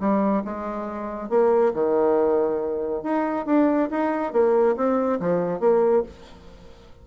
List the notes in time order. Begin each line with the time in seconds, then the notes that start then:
0.00 G3
0.45 G#3
1.29 A#3
1.74 D#3
3.03 D#4
3.46 D4
3.91 D#4
4.33 A#3
4.76 C4
5.20 F3
5.60 A#3